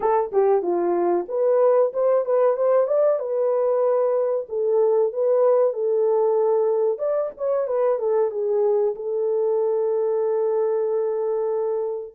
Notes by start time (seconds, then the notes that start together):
0.00 A4
0.32 G4
0.62 F4
1.28 B4
1.93 C5
2.25 B4
2.56 C5
2.87 D5
3.19 B4
4.49 A4
5.12 B4
5.73 A4
6.98 D5
7.37 C#5
7.67 B4
7.98 A4
8.30 G#4
8.95 A4